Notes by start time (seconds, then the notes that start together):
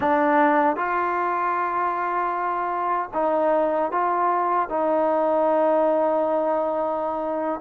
0.00 D4
0.76 F4
3.13 D#4
3.91 F4
4.69 D#4